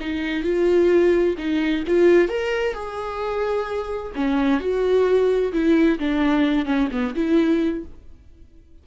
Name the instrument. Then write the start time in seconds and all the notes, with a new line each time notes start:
viola
0.00 D#4
0.43 F4
1.37 D#4
1.87 F4
2.28 A#4
2.73 G#4
4.15 C#4
4.60 F#4
5.52 E4
5.99 D4
6.65 C#4
6.91 B3
7.15 E4